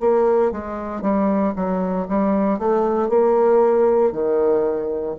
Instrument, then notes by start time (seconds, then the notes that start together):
bassoon
0.00 A#3
0.51 G#3
1.02 G3
1.55 F#3
2.08 G3
2.59 A3
3.08 A#3
4.12 D#3